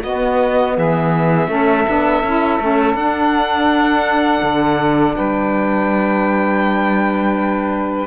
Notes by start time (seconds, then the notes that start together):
0.00 B3 F#4 D#5
0.76 E3 G#4 E5
1.48 A3 C#4 A4
1.86 B3 D4
2.22 C#4 E4
2.59 A3 C#4
2.94 D4 F#5
4.42 D3
5.15 G3 B4 G5